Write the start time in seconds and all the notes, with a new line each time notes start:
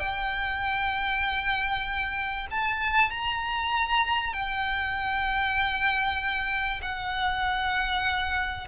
0.00 G5
2.51 A5
3.11 A#5
4.34 G5
6.82 F#5